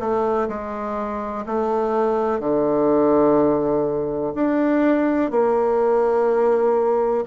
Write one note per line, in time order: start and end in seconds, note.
0.00 0.48 A3
0.49 1.46 G#3
1.46 2.40 A3
2.40 4.34 D3
4.35 5.31 D4
5.31 7.25 A#3